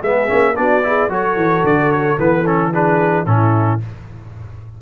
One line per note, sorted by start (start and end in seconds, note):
0.00 0.29 G#3
0.00 0.28 B3
0.00 0.54 G#4
0.00 0.57 E5
0.28 0.58 A#3
0.28 0.55 C#4
0.55 1.09 B3
0.55 0.82 D4
0.55 0.86 F#4
0.55 1.11 D5
0.84 1.09 E4
0.84 1.11 G#4
1.09 1.36 F#3
1.09 2.18 F#4
1.09 2.72 A4
1.09 1.66 C#5
1.36 1.63 E3
1.64 2.18 D3
1.64 1.92 D5
1.92 2.19 C#5
2.18 3.26 E3
2.18 2.45 B3
2.18 2.47 B4
2.46 2.73 C#4
2.46 2.74 A4
2.72 3.26 D4
2.72 3.26 G#4
2.72 3.26 B4
3.26 3.80 A2
3.26 3.80 C#4
3.26 3.82 E4
3.26 3.80 A4